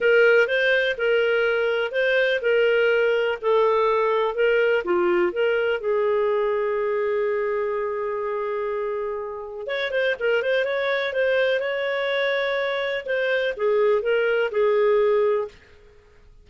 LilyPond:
\new Staff \with { instrumentName = "clarinet" } { \time 4/4 \tempo 4 = 124 ais'4 c''4 ais'2 | c''4 ais'2 a'4~ | a'4 ais'4 f'4 ais'4 | gis'1~ |
gis'1 | cis''8 c''8 ais'8 c''8 cis''4 c''4 | cis''2. c''4 | gis'4 ais'4 gis'2 | }